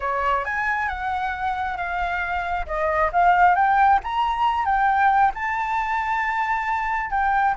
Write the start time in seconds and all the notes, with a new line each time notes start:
0.00 C#5
0.44 G#5
0.88 F#5
1.77 F5
2.66 D#5
3.12 F5
3.55 G5
4.03 A#5
4.65 G5
5.34 A5
7.10 G5